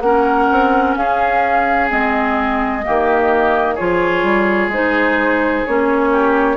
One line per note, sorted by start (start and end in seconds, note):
0.00 0.47 A#3
0.00 1.88 C#4
0.00 0.98 A#4
0.00 0.94 F#5
0.51 0.96 C4
0.96 1.90 C#4
0.96 2.85 G#4
0.96 1.89 F5
1.88 2.85 G#3
1.88 2.82 C4
1.88 3.75 D#5
2.83 3.79 D#3
2.83 3.77 A#3
2.83 3.74 G4
3.74 4.23 F3
3.74 4.71 F4
3.74 6.09 G#4
3.74 4.69 C#5
4.23 4.68 G3
4.68 5.62 G#3
4.68 5.66 D#4
4.68 5.66 C5
5.66 6.56 A#3
5.66 6.56 C#4
5.66 6.56 C#5
6.11 6.56 G4